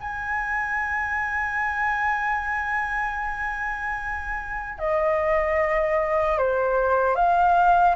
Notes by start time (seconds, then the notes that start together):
0.00 G#5
4.79 D#5
6.38 C5
7.15 F5